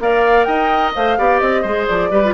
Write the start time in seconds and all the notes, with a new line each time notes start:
0.00 A#3 A#4 D5 F5
0.44 D#4 D#5 G5
0.95 A3 C5 F5
1.18 B3 G4 D5
1.39 C4 D#5
1.62 G#3 G#4 C5
1.87 F3 D5
2.11 G3 G4 B4
2.24 F4